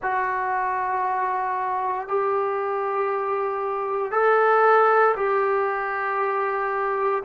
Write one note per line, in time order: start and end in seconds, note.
0.02 2.08 F#4
2.08 4.11 G4
4.11 5.14 A4
5.16 7.23 G4